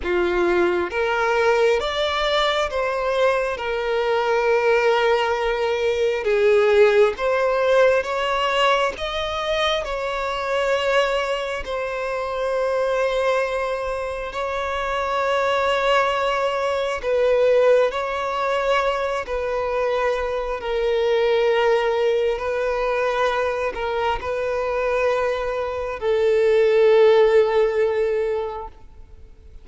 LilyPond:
\new Staff \with { instrumentName = "violin" } { \time 4/4 \tempo 4 = 67 f'4 ais'4 d''4 c''4 | ais'2. gis'4 | c''4 cis''4 dis''4 cis''4~ | cis''4 c''2. |
cis''2. b'4 | cis''4. b'4. ais'4~ | ais'4 b'4. ais'8 b'4~ | b'4 a'2. | }